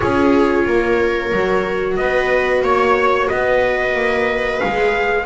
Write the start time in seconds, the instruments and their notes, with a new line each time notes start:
0.00 double bass C#4, viola F4 G#4, trumpet C#5
0.66 double bass A#3, viola A#4
1.32 double bass F#3, viola F#4
1.96 double bass B3, viola B4, trumpet D#5
2.62 double bass A#3, viola C#5, trumpet C#5
3.27 double bass B3, viola B4, trumpet D#5
3.94 double bass A#3
4.59 double bass G#3, viola G#4, trumpet F5